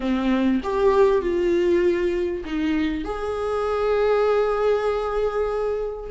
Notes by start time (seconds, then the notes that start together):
0.00 C4
0.63 G4
1.21 F4
2.44 D#4
3.04 G#4